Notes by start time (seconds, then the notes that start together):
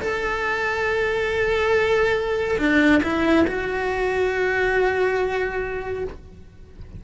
0.00 A4
2.58 D4
3.03 E4
3.47 F#4